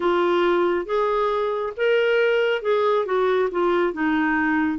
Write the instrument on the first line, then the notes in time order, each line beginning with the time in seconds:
clarinet
0.00 F4
0.85 G#4
1.76 A#4
2.62 G#4
3.05 F#4
3.51 F4
3.93 D#4